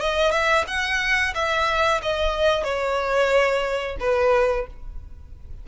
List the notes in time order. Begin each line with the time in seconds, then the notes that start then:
0.00 D#5
0.32 E5
0.67 F#5
1.35 E5
2.02 D#5
2.64 C#5
4.00 B4